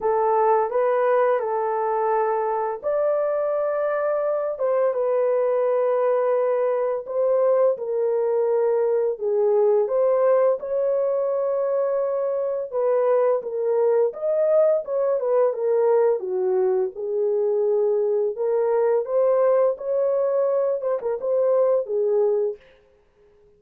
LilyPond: \new Staff \with { instrumentName = "horn" } { \time 4/4 \tempo 4 = 85 a'4 b'4 a'2 | d''2~ d''8 c''8 b'4~ | b'2 c''4 ais'4~ | ais'4 gis'4 c''4 cis''4~ |
cis''2 b'4 ais'4 | dis''4 cis''8 b'8 ais'4 fis'4 | gis'2 ais'4 c''4 | cis''4. c''16 ais'16 c''4 gis'4 | }